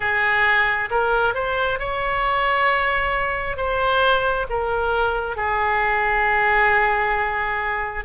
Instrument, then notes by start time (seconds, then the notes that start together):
oboe
0.00 G#4
0.90 A#4
1.34 C5
1.79 C#5
3.56 C5
4.49 A#4
5.36 G#4